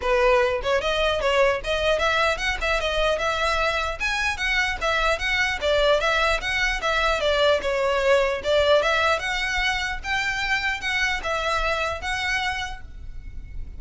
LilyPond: \new Staff \with { instrumentName = "violin" } { \time 4/4 \tempo 4 = 150 b'4. cis''8 dis''4 cis''4 | dis''4 e''4 fis''8 e''8 dis''4 | e''2 gis''4 fis''4 | e''4 fis''4 d''4 e''4 |
fis''4 e''4 d''4 cis''4~ | cis''4 d''4 e''4 fis''4~ | fis''4 g''2 fis''4 | e''2 fis''2 | }